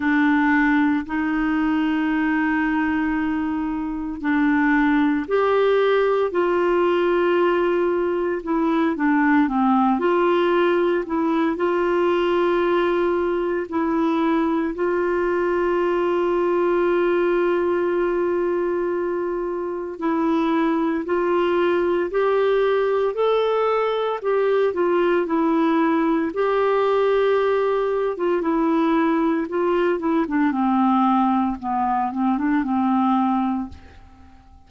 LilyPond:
\new Staff \with { instrumentName = "clarinet" } { \time 4/4 \tempo 4 = 57 d'4 dis'2. | d'4 g'4 f'2 | e'8 d'8 c'8 f'4 e'8 f'4~ | f'4 e'4 f'2~ |
f'2. e'4 | f'4 g'4 a'4 g'8 f'8 | e'4 g'4.~ g'16 f'16 e'4 | f'8 e'16 d'16 c'4 b8 c'16 d'16 c'4 | }